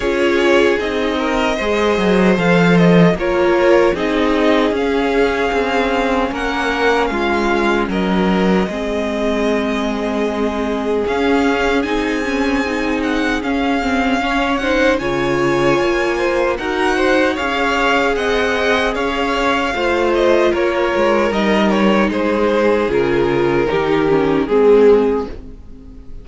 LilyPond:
<<
  \new Staff \with { instrumentName = "violin" } { \time 4/4 \tempo 4 = 76 cis''4 dis''2 f''8 dis''8 | cis''4 dis''4 f''2 | fis''4 f''4 dis''2~ | dis''2 f''4 gis''4~ |
gis''8 fis''8 f''4. fis''8 gis''4~ | gis''4 fis''4 f''4 fis''4 | f''4. dis''8 cis''4 dis''8 cis''8 | c''4 ais'2 gis'4 | }
  \new Staff \with { instrumentName = "violin" } { \time 4/4 gis'4. ais'8 c''2 | ais'4 gis'2. | ais'4 f'4 ais'4 gis'4~ | gis'1~ |
gis'2 cis''8 c''8 cis''4~ | cis''8 c''8 ais'8 c''8 cis''4 dis''4 | cis''4 c''4 ais'2 | gis'2 g'4 gis'4 | }
  \new Staff \with { instrumentName = "viola" } { \time 4/4 f'4 dis'4 gis'4 a'4 | f'4 dis'4 cis'2~ | cis'2. c'4~ | c'2 cis'4 dis'8 cis'8 |
dis'4 cis'8 c'8 cis'8 dis'8 f'4~ | f'4 fis'4 gis'2~ | gis'4 f'2 dis'4~ | dis'4 f'4 dis'8 cis'8 c'4 | }
  \new Staff \with { instrumentName = "cello" } { \time 4/4 cis'4 c'4 gis8 fis8 f4 | ais4 c'4 cis'4 c'4 | ais4 gis4 fis4 gis4~ | gis2 cis'4 c'4~ |
c'4 cis'2 cis4 | ais4 dis'4 cis'4 c'4 | cis'4 a4 ais8 gis8 g4 | gis4 cis4 dis4 gis4 | }
>>